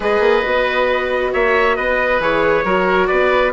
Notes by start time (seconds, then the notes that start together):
0.00 G#3 G#4 B4 D#5
0.19 A#3
0.43 B3 F#4
1.32 A#3 C#5 E5
1.76 B3 B4 D#5
2.19 E3 G#4 C#5
2.64 F#3 F#4 A#4
3.07 B3 B4 D5